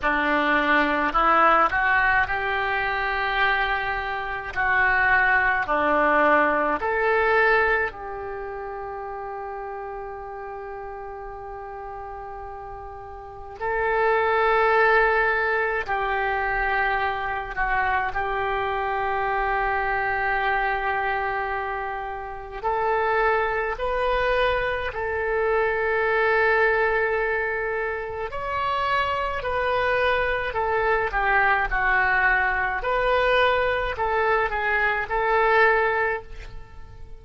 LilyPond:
\new Staff \with { instrumentName = "oboe" } { \time 4/4 \tempo 4 = 53 d'4 e'8 fis'8 g'2 | fis'4 d'4 a'4 g'4~ | g'1 | a'2 g'4. fis'8 |
g'1 | a'4 b'4 a'2~ | a'4 cis''4 b'4 a'8 g'8 | fis'4 b'4 a'8 gis'8 a'4 | }